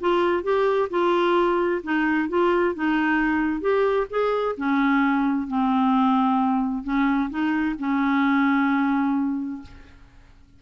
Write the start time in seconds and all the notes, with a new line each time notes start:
0.00 F4
0.43 G4
0.90 F4
1.83 D#4
2.29 F4
2.74 D#4
3.61 G4
4.10 G#4
4.57 C#4
5.47 C4
6.83 C#4
7.30 D#4
7.79 C#4